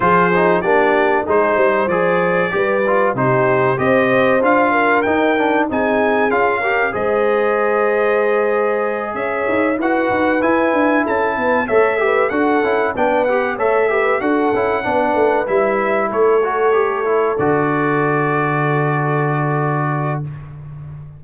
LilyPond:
<<
  \new Staff \with { instrumentName = "trumpet" } { \time 4/4 \tempo 4 = 95 c''4 d''4 c''4 d''4~ | d''4 c''4 dis''4 f''4 | g''4 gis''4 f''4 dis''4~ | dis''2~ dis''8 e''4 fis''8~ |
fis''8 gis''4 a''4 e''4 fis''8~ | fis''8 g''8 fis''8 e''4 fis''4.~ | fis''8 e''4 cis''2 d''8~ | d''1 | }
  \new Staff \with { instrumentName = "horn" } { \time 4/4 gis'4 g'4 gis'8 c''4. | b'4 g'4 c''4. ais'8~ | ais'4 gis'4. ais'8 c''4~ | c''2~ c''8 cis''4 b'8~ |
b'4. a'8 b'8 cis''8 b'8 a'8~ | a'8 b'4 cis''8 b'8 a'4 b'8~ | b'4. a'2~ a'8~ | a'1 | }
  \new Staff \with { instrumentName = "trombone" } { \time 4/4 f'8 dis'8 d'4 dis'4 gis'4 | g'8 f'8 dis'4 g'4 f'4 | dis'8 d'8 dis'4 f'8 g'8 gis'4~ | gis'2.~ gis'8 fis'8~ |
fis'8 e'2 a'8 g'8 fis'8 | e'8 d'8 g'8 a'8 g'8 fis'8 e'8 d'8~ | d'8 e'4. fis'8 g'8 e'8 fis'8~ | fis'1 | }
  \new Staff \with { instrumentName = "tuba" } { \time 4/4 f4 ais4 gis8 g8 f4 | g4 c4 c'4 d'4 | dis'4 c'4 cis'4 gis4~ | gis2~ gis8 cis'8 dis'8 e'8 |
dis'8 e'8 d'8 cis'8 b8 a4 d'8 | cis'8 b4 a4 d'8 cis'8 b8 | a8 g4 a2 d8~ | d1 | }
>>